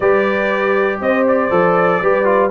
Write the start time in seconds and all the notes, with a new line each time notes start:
0.00 G3 G4 B4 D5
1.00 C4 C5 D#5
1.27 D5
1.50 F3 A4
2.01 G3 G4 B4
2.24 F4